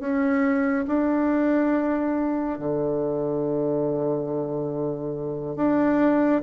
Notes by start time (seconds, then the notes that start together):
0.00 C#4
0.88 D4
2.59 D3
5.56 D4